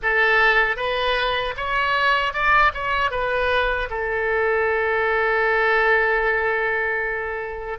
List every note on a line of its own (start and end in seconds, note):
0.02 0.76 A4
0.76 1.54 B4
1.57 2.33 C#5
2.33 2.72 D5
2.73 3.11 C#5
3.11 3.89 B4
3.90 7.79 A4